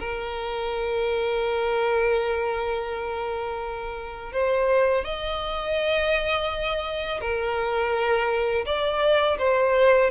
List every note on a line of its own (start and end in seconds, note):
0.00 4.33 A#4
4.33 5.04 C5
5.04 7.21 D#5
7.21 8.65 A#4
8.66 9.38 D5
9.38 10.11 C5